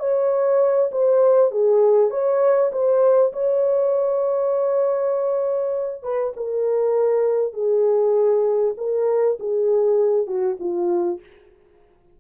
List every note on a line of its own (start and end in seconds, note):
0.00 0.91 C#5
0.92 1.52 C5
1.52 2.11 G#4
2.11 2.72 C#5
2.72 3.33 C5
3.33 6.03 C#5
6.03 6.33 B4
6.37 7.53 A#4
7.53 8.75 G#4
8.78 9.38 A#4
9.40 10.27 G#4
10.27 10.57 F#4
10.60 11.20 F4